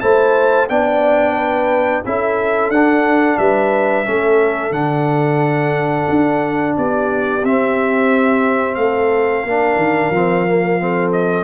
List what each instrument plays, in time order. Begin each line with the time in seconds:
0.00 tuba A3, trombone E4, horn C5, trumpet A5
0.69 tuba B3, trombone D4, horn D5, trumpet G5
1.36 horn B4
2.05 tuba C#4, trombone E4, horn A4, trumpet E5
2.69 tuba D4, trombone D4, trumpet F#5
3.37 tuba G3, horn B4, trumpet E5
4.04 tuba A3, trombone C#4, horn A4
4.71 tuba D3, trombone D4, trumpet F#5
6.10 tuba D4
6.77 tuba B3, horn G4, trumpet D5
7.43 tuba C4, trombone C4, trumpet E5
8.75 tuba A3, horn A4, trumpet F5
9.44 tuba A#3, trombone D4, horn A#4
9.76 tuba D#3
10.10 tuba F3, trombone C4
10.47 trombone A#3
10.79 trombone C4, horn A4
11.12 trumpet D#5